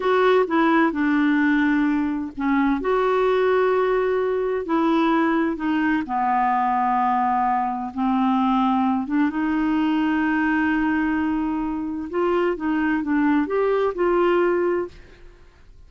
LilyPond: \new Staff \with { instrumentName = "clarinet" } { \time 4/4 \tempo 4 = 129 fis'4 e'4 d'2~ | d'4 cis'4 fis'2~ | fis'2 e'2 | dis'4 b2.~ |
b4 c'2~ c'8 d'8 | dis'1~ | dis'2 f'4 dis'4 | d'4 g'4 f'2 | }